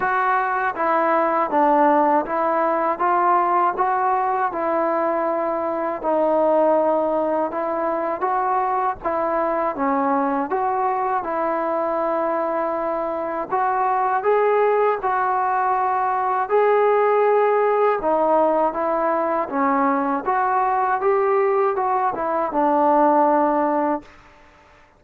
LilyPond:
\new Staff \with { instrumentName = "trombone" } { \time 4/4 \tempo 4 = 80 fis'4 e'4 d'4 e'4 | f'4 fis'4 e'2 | dis'2 e'4 fis'4 | e'4 cis'4 fis'4 e'4~ |
e'2 fis'4 gis'4 | fis'2 gis'2 | dis'4 e'4 cis'4 fis'4 | g'4 fis'8 e'8 d'2 | }